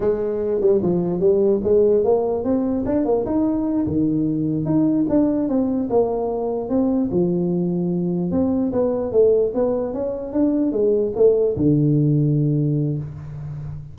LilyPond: \new Staff \with { instrumentName = "tuba" } { \time 4/4 \tempo 4 = 148 gis4. g8 f4 g4 | gis4 ais4 c'4 d'8 ais8 | dis'4. dis2 dis'8~ | dis'8 d'4 c'4 ais4.~ |
ais8 c'4 f2~ f8~ | f8 c'4 b4 a4 b8~ | b8 cis'4 d'4 gis4 a8~ | a8 d2.~ d8 | }